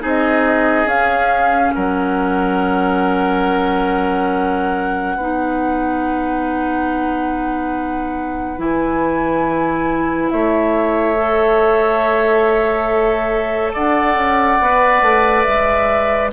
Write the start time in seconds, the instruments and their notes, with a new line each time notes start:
0.00 bassoon C4, clarinet D#4, oboe G#4
0.06 flute D#5
0.85 bassoon C#4, clarinet C#4, flute F5
1.74 bassoon F#3, oboe A#4, flute F#5
5.16 bassoon B3, clarinet D#4, oboe B4
8.57 bassoon E3, clarinet E4, flute G#5
10.29 bassoon A3, oboe C#5, flute E5
11.16 clarinet A4
13.74 bassoon D4, oboe D5, flute F#5
14.14 bassoon C#4
14.60 bassoon B3, clarinet B4
15.02 bassoon A3
15.43 bassoon G#3, flute E5